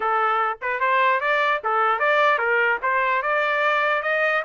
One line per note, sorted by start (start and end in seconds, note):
0.00 0.58 A4
0.61 0.80 B4
0.80 1.20 C5
1.20 1.60 D5
1.64 1.99 A4
1.99 2.38 D5
2.38 2.78 A#4
2.82 3.22 C5
3.22 4.02 D5
4.02 4.42 D#5